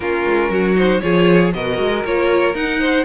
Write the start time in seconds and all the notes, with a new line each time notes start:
0.00 A#3 C#4 F4 A#4
0.25 G#3
0.49 F#3 F#4
0.75 D#4 C5
1.01 F3 F4 G#4 C#5
1.53 B2 F#4 A#4 D#5
1.78 G#3
2.04 A#3 F4 C#5
2.54 D#4 F#5
2.79 C5